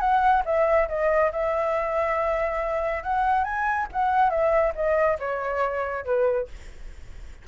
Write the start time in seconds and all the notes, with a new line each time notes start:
0.00 F#5
0.45 E5
0.89 D#5
1.32 E5
3.03 F#5
3.44 G#5
3.92 F#5
4.30 E5
4.75 D#5
5.19 C#5
6.05 B4